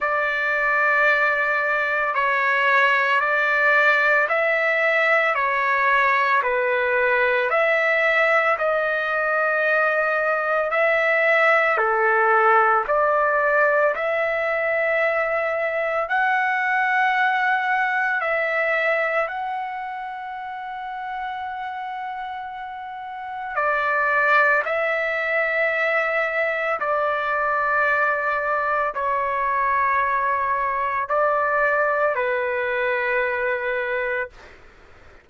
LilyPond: \new Staff \with { instrumentName = "trumpet" } { \time 4/4 \tempo 4 = 56 d''2 cis''4 d''4 | e''4 cis''4 b'4 e''4 | dis''2 e''4 a'4 | d''4 e''2 fis''4~ |
fis''4 e''4 fis''2~ | fis''2 d''4 e''4~ | e''4 d''2 cis''4~ | cis''4 d''4 b'2 | }